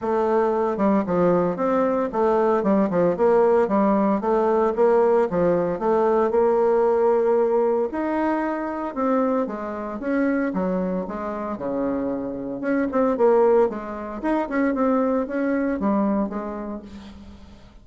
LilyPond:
\new Staff \with { instrumentName = "bassoon" } { \time 4/4 \tempo 4 = 114 a4. g8 f4 c'4 | a4 g8 f8 ais4 g4 | a4 ais4 f4 a4 | ais2. dis'4~ |
dis'4 c'4 gis4 cis'4 | fis4 gis4 cis2 | cis'8 c'8 ais4 gis4 dis'8 cis'8 | c'4 cis'4 g4 gis4 | }